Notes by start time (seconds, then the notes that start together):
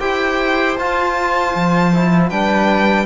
0.00 E4 G4 C5 G5
0.77 F4 A5
1.55 F3
1.93 E4
2.29 G3 D4 B4 G5